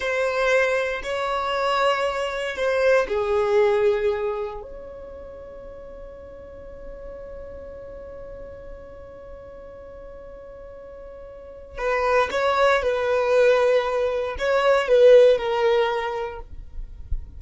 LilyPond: \new Staff \with { instrumentName = "violin" } { \time 4/4 \tempo 4 = 117 c''2 cis''2~ | cis''4 c''4 gis'2~ | gis'4 cis''2.~ | cis''1~ |
cis''1~ | cis''2. b'4 | cis''4 b'2. | cis''4 b'4 ais'2 | }